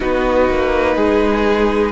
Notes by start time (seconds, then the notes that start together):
0.00 B3 D#4 F#4 B4
0.49 A#3
0.95 G#3 G#4